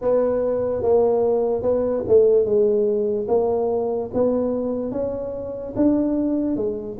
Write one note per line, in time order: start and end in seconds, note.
0.01 0.82 B3
0.82 1.62 A#3
1.62 2.03 B3
2.07 2.45 A3
2.45 3.27 G#3
3.28 4.10 A#3
4.13 4.91 B3
4.91 5.73 C#4
5.75 6.56 D4
6.56 6.97 G#3